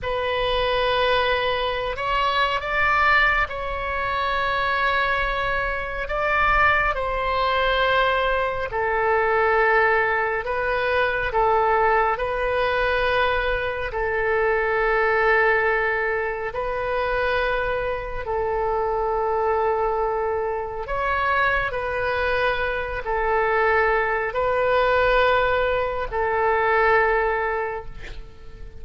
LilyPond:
\new Staff \with { instrumentName = "oboe" } { \time 4/4 \tempo 4 = 69 b'2~ b'16 cis''8. d''4 | cis''2. d''4 | c''2 a'2 | b'4 a'4 b'2 |
a'2. b'4~ | b'4 a'2. | cis''4 b'4. a'4. | b'2 a'2 | }